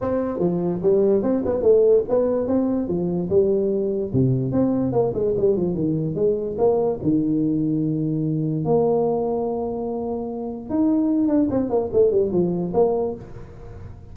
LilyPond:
\new Staff \with { instrumentName = "tuba" } { \time 4/4 \tempo 4 = 146 c'4 f4 g4 c'8 b8 | a4 b4 c'4 f4 | g2 c4 c'4 | ais8 gis8 g8 f8 dis4 gis4 |
ais4 dis2.~ | dis4 ais2.~ | ais2 dis'4. d'8 | c'8 ais8 a8 g8 f4 ais4 | }